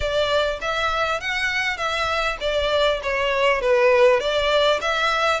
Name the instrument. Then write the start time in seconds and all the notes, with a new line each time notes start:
violin
0.00 D5
0.61 E5
1.20 F#5
1.77 E5
2.40 D5
3.02 C#5
3.61 B4
4.19 D5
4.81 E5